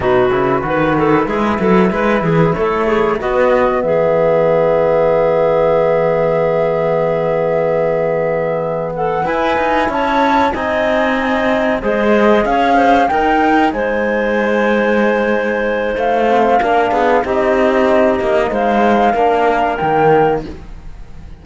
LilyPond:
<<
  \new Staff \with { instrumentName = "flute" } { \time 4/4 \tempo 4 = 94 b'1 | cis''4 dis''4 e''2~ | e''1~ | e''2 fis''8 gis''4 a''8~ |
a''8 gis''2 dis''4 f''8~ | f''8 g''4 gis''2~ gis''8~ | gis''4 f''2 dis''4~ | dis''4 f''2 g''4 | }
  \new Staff \with { instrumentName = "clarinet" } { \time 4/4 fis'4 b'8 a'8 gis'8 a'8 b'8 gis'8 | a'8 gis'8 fis'4 gis'2~ | gis'1~ | gis'2 a'8 b'4 cis''8~ |
cis''8 dis''2 c''4 cis''8 | c''8 ais'4 c''2~ c''8~ | c''2 ais'8 gis'8 g'4~ | g'4 c''4 ais'2 | }
  \new Staff \with { instrumentName = "trombone" } { \time 4/4 dis'8 e'8 fis'4 e'2~ | e'4 b2.~ | b1~ | b2~ b8 e'4.~ |
e'8 dis'2 gis'4.~ | gis'8 dis'2.~ dis'8~ | dis'4. c'8 d'4 dis'4~ | dis'2 d'4 ais4 | }
  \new Staff \with { instrumentName = "cello" } { \time 4/4 b,8 cis8 dis4 gis8 fis8 gis8 e8 | a4 b4 e2~ | e1~ | e2~ e8 e'8 dis'8 cis'8~ |
cis'8 c'2 gis4 cis'8~ | cis'8 dis'4 gis2~ gis8~ | gis4 a4 ais8 b8 c'4~ | c'8 ais8 gis4 ais4 dis4 | }
>>